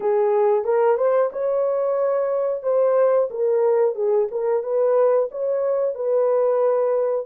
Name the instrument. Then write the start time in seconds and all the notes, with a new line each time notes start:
horn
0.00 G#4
0.64 A#4
0.97 C5
1.32 C#5
2.62 C5
3.30 A#4
3.95 G#4
4.31 A#4
4.63 B4
5.31 C#5
5.95 B4